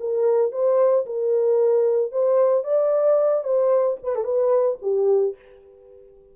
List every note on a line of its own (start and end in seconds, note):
0.00 0.52 A#4
0.52 1.05 C5
1.06 2.12 A#4
2.12 2.64 C5
2.64 3.44 D5
3.44 3.97 C5
4.03 4.16 B4
4.16 4.24 A4
4.24 4.78 B4
4.82 5.35 G4